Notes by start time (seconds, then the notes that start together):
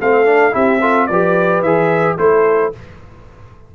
0.00 A3 C4 A4 F5
0.25 D4
0.51 C4 E4 G4 E5
0.80 F4 A4
1.07 F3 G4 B4 D5
1.61 E3 G#4 E5
2.18 A3 E4 A4 C5